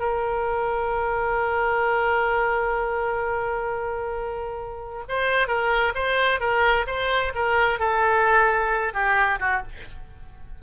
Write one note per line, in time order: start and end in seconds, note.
0.00 5.04 A#4
5.09 5.48 C5
5.48 5.94 A#4
5.95 6.40 C5
6.40 6.86 A#4
6.87 7.33 C5
7.35 7.80 A#4
7.80 8.94 A4
8.94 9.40 G4
9.40 9.63 F#4